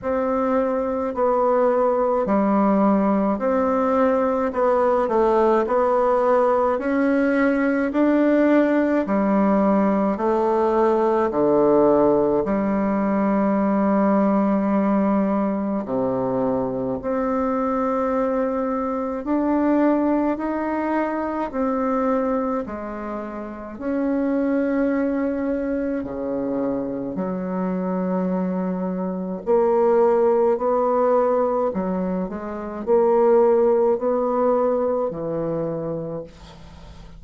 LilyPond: \new Staff \with { instrumentName = "bassoon" } { \time 4/4 \tempo 4 = 53 c'4 b4 g4 c'4 | b8 a8 b4 cis'4 d'4 | g4 a4 d4 g4~ | g2 c4 c'4~ |
c'4 d'4 dis'4 c'4 | gis4 cis'2 cis4 | fis2 ais4 b4 | fis8 gis8 ais4 b4 e4 | }